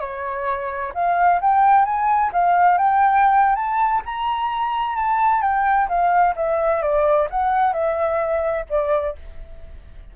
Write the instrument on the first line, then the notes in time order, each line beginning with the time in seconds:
flute
0.00 C#5
0.94 F5
1.41 G5
1.85 G#5
2.32 F5
2.78 G5
3.55 A5
4.06 A#5
4.96 A5
5.42 G5
5.88 F5
6.36 E5
6.82 D5
7.30 F#5
7.73 E5
8.69 D5